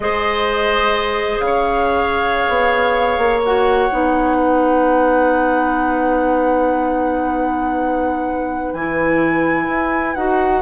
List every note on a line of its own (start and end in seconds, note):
0.00 1.38 G#3
0.00 3.43 G#4
0.00 1.45 C5
0.00 1.40 D#5
1.39 2.45 C#3
1.39 3.41 F5
1.46 4.36 C#5
2.48 3.17 B3
3.17 3.88 A#3
3.43 3.90 F#4
3.43 8.74 F#5
3.90 8.73 B3
3.90 8.74 D#4
4.36 10.61 B4
8.73 9.67 E3
8.73 10.16 E4
8.73 10.14 G#5
9.67 10.15 E4
10.14 10.61 D#4
10.14 10.61 F#4
10.14 10.61 F#5